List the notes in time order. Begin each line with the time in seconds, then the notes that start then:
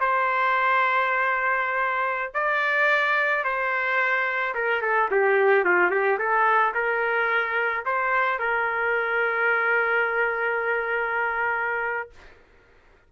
0.00 C5
2.34 D5
3.44 C5
4.54 A#4
4.82 A4
5.11 G4
5.64 F4
5.90 G4
6.18 A4
6.74 A#4
7.85 C5
8.39 A#4